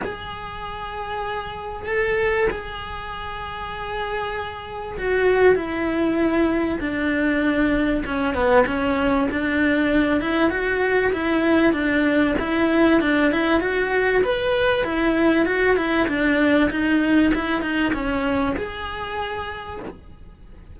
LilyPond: \new Staff \with { instrumentName = "cello" } { \time 4/4 \tempo 4 = 97 gis'2. a'4 | gis'1 | fis'4 e'2 d'4~ | d'4 cis'8 b8 cis'4 d'4~ |
d'8 e'8 fis'4 e'4 d'4 | e'4 d'8 e'8 fis'4 b'4 | e'4 fis'8 e'8 d'4 dis'4 | e'8 dis'8 cis'4 gis'2 | }